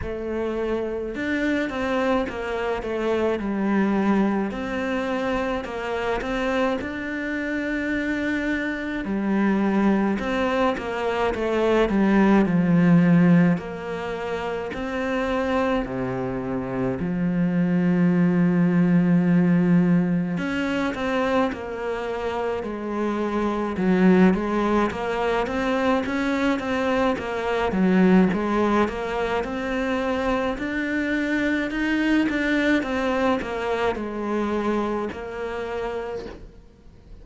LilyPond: \new Staff \with { instrumentName = "cello" } { \time 4/4 \tempo 4 = 53 a4 d'8 c'8 ais8 a8 g4 | c'4 ais8 c'8 d'2 | g4 c'8 ais8 a8 g8 f4 | ais4 c'4 c4 f4~ |
f2 cis'8 c'8 ais4 | gis4 fis8 gis8 ais8 c'8 cis'8 c'8 | ais8 fis8 gis8 ais8 c'4 d'4 | dis'8 d'8 c'8 ais8 gis4 ais4 | }